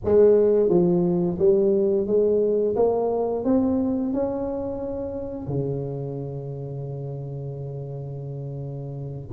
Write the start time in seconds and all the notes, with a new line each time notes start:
0.04 G#3
0.69 F3
1.38 G3
2.06 G#3
2.76 A#3
3.44 C4
4.13 C#4
5.47 C#3